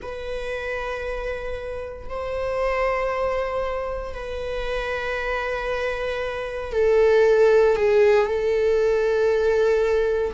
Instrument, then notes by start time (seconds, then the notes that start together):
viola
0.02 B4
2.09 C5
4.14 B4
6.72 A4
7.75 G#4
8.26 A4